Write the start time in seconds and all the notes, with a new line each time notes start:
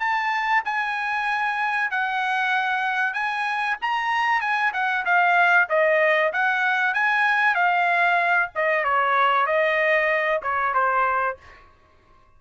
0.00 A5
0.65 G#5
1.91 F#5
3.14 G#5
3.82 A#5
4.41 G#5
4.74 F#5
5.06 F5
5.70 D#5
6.33 F#5
6.94 G#5
7.55 F5
8.56 D#5
8.85 C#5
9.47 D#5
10.43 C#5
10.75 C5